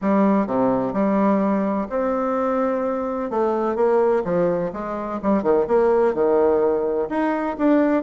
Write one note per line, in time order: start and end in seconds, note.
0.01 0.46 G3
0.46 0.93 C3
0.93 1.87 G3
1.89 3.30 C4
3.30 3.75 A3
3.75 4.23 A#3
4.24 4.71 F3
4.72 5.20 G#3
5.22 5.42 G3
5.42 5.66 D#3
5.67 6.14 A#3
6.14 7.08 D#3
7.09 7.56 D#4
7.57 8.03 D4